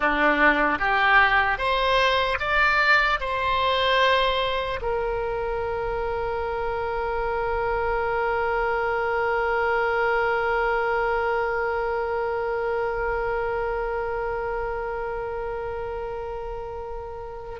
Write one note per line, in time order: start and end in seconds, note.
0.00 0.79 D4
0.79 1.58 G4
1.58 2.38 C5
2.39 3.19 D5
3.20 4.80 C5
4.81 17.60 A#4